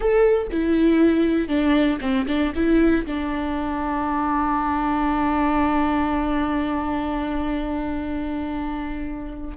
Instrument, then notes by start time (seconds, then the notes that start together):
viola
0.00 A4
0.51 E4
1.48 D4
2.00 C4
2.27 D4
2.55 E4
3.06 D4